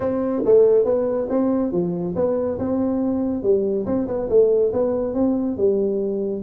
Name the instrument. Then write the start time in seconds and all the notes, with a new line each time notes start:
tuba
0.00 C4
0.45 A3
0.85 B3
1.29 C4
1.72 F3
2.15 B3
2.58 C4
3.42 G3
3.86 C4
4.07 B3
4.29 A3
4.73 B3
5.14 C4
5.57 G3